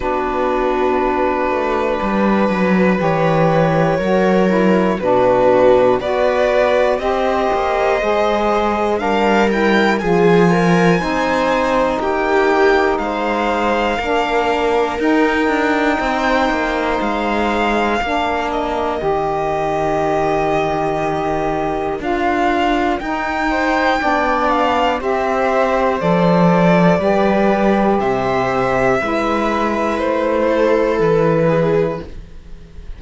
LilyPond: <<
  \new Staff \with { instrumentName = "violin" } { \time 4/4 \tempo 4 = 60 b'2. cis''4~ | cis''4 b'4 d''4 dis''4~ | dis''4 f''8 g''8 gis''2 | g''4 f''2 g''4~ |
g''4 f''4. dis''4.~ | dis''2 f''4 g''4~ | g''8 f''8 e''4 d''2 | e''2 c''4 b'4 | }
  \new Staff \with { instrumentName = "viola" } { \time 4/4 fis'2 b'2 | ais'4 fis'4 b'4 c''4~ | c''4 ais'4 gis'8 ais'8 c''4 | g'4 c''4 ais'2 |
c''2 ais'2~ | ais'2.~ ais'8 c''8 | d''4 c''2 b'4 | c''4 b'4. a'4 gis'8 | }
  \new Staff \with { instrumentName = "saxophone" } { \time 4/4 d'2. g'4 | fis'8 e'8 d'4 fis'4 g'4 | gis'4 d'8 e'8 f'4 dis'4~ | dis'2 d'4 dis'4~ |
dis'2 d'4 g'4~ | g'2 f'4 dis'4 | d'4 g'4 a'4 g'4~ | g'4 e'2. | }
  \new Staff \with { instrumentName = "cello" } { \time 4/4 b4. a8 g8 fis8 e4 | fis4 b,4 b4 c'8 ais8 | gis4 g4 f4 c'4 | ais4 gis4 ais4 dis'8 d'8 |
c'8 ais8 gis4 ais4 dis4~ | dis2 d'4 dis'4 | b4 c'4 f4 g4 | c4 gis4 a4 e4 | }
>>